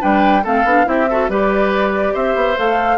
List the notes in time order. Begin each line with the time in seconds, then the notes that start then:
0.00 G3 D4 B4 G5
0.43 A3 C4 A4 F5
0.64 B3 D4
0.85 C4 E4 G4 E5
1.10 F#4 A4
1.28 G3 G4 B4 D5
2.13 C4 C5 E5
2.35 B3
2.57 A3 A4 F5